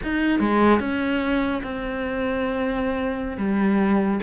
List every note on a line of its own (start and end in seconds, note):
0.03 0.39 D#4
0.39 0.79 G#3
0.79 1.62 C#4
1.63 3.37 C4
3.37 4.19 G3